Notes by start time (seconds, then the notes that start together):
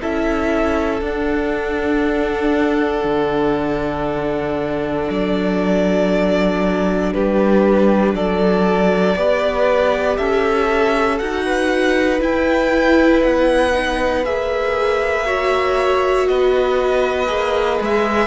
0.00 C#4 E4 A4 E5
1.01 D4 F#5
3.04 D3
5.10 F#3 D5
7.13 G3 G4 B4
8.13 F#3 A4 D5
9.15 B3 G4 B4
10.17 C#4 A4 E5
11.18 D#4 F#4 F#5
11.45 B4
12.19 E4 G5
13.23 B3 F#5
13.72 D#4
14.24 A#3 G#4 E5
15.25 F#4 C#5
16.27 B3 B4 D#5
17.27 A#3 G#4
17.81 G#3 E5